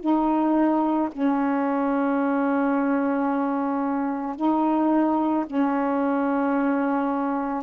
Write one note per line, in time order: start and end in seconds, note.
0.00 1.09 D#4
1.12 4.36 C#4
4.36 5.45 D#4
5.46 7.63 C#4